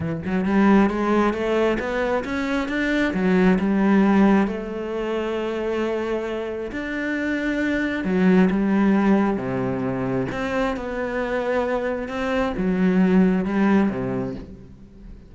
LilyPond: \new Staff \with { instrumentName = "cello" } { \time 4/4 \tempo 4 = 134 e8 fis8 g4 gis4 a4 | b4 cis'4 d'4 fis4 | g2 a2~ | a2. d'4~ |
d'2 fis4 g4~ | g4 c2 c'4 | b2. c'4 | fis2 g4 c4 | }